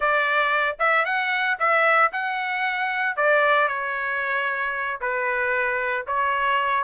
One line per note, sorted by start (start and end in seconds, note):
0.00 0.77 D5
0.79 1.05 E5
1.05 1.57 F#5
1.59 2.11 E5
2.12 3.16 F#5
3.16 3.67 D5
3.67 4.99 C#5
5.00 6.06 B4
6.06 6.83 C#5